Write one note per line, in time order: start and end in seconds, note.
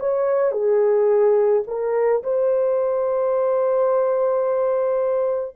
0.00 0.52 C#5
0.52 1.63 G#4
1.68 2.23 A#4
2.24 5.56 C5